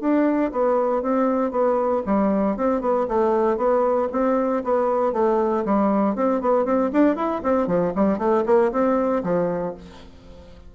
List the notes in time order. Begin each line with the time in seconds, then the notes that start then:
0.00 D4
0.52 B3
1.02 C4
1.51 B3
2.06 G3
2.56 C4
2.81 B3
3.08 A3
3.57 B3
4.12 C4
4.63 B3
5.13 A3
5.65 G3
6.15 C4
6.41 B3
6.65 C4
6.92 D4
7.16 E4
7.43 C4
7.67 F3
7.95 G3
8.18 A3
8.45 A#3
8.72 C4
9.23 F3